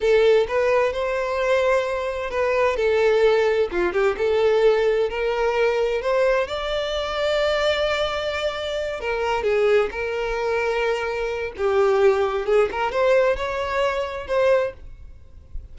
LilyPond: \new Staff \with { instrumentName = "violin" } { \time 4/4 \tempo 4 = 130 a'4 b'4 c''2~ | c''4 b'4 a'2 | f'8 g'8 a'2 ais'4~ | ais'4 c''4 d''2~ |
d''2.~ d''8 ais'8~ | ais'8 gis'4 ais'2~ ais'8~ | ais'4 g'2 gis'8 ais'8 | c''4 cis''2 c''4 | }